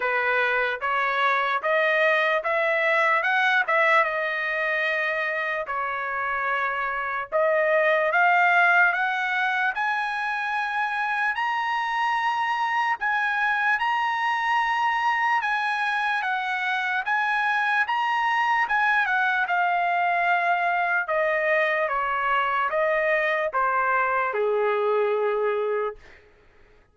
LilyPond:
\new Staff \with { instrumentName = "trumpet" } { \time 4/4 \tempo 4 = 74 b'4 cis''4 dis''4 e''4 | fis''8 e''8 dis''2 cis''4~ | cis''4 dis''4 f''4 fis''4 | gis''2 ais''2 |
gis''4 ais''2 gis''4 | fis''4 gis''4 ais''4 gis''8 fis''8 | f''2 dis''4 cis''4 | dis''4 c''4 gis'2 | }